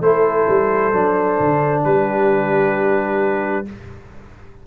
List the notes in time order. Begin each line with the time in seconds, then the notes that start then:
0.00 A3 E4 A4 C5
0.48 G3
0.93 F#3 D4
1.39 D3
1.84 G3 G4 B4